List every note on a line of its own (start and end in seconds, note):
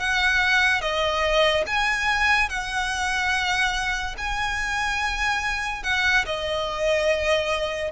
0.00 0.81 F#5
0.81 1.65 D#5
1.67 2.49 G#5
2.49 4.16 F#5
4.18 5.84 G#5
5.84 6.25 F#5
6.26 7.92 D#5